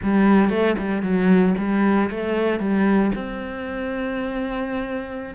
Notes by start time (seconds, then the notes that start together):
0.02 G3
0.49 A3
0.78 G3
1.02 F#3
1.58 G3
2.10 A3
2.59 G3
3.14 C4